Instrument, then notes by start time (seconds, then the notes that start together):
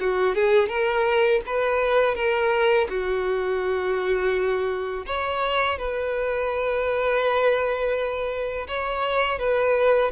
violin
0.00 F#4
0.35 G#4
0.68 A#4
1.46 B4
2.15 A#4
2.89 F#4
5.06 C#5
5.78 B4
8.68 C#5
9.39 B4